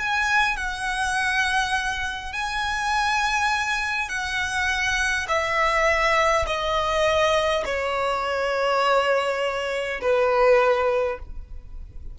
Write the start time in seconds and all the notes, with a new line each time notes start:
0.00 G#5
0.57 F#5
2.33 G#5
4.10 F#5
5.28 E5
6.47 D#5
7.66 C#5
10.02 B4